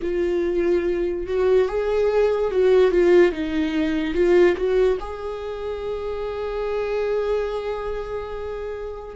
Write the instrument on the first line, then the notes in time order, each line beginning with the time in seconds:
viola
0.02 F4
1.27 F#4
1.68 G#4
2.51 F#4
2.91 F4
3.32 D#4
4.14 F4
4.56 F#4
5.00 G#4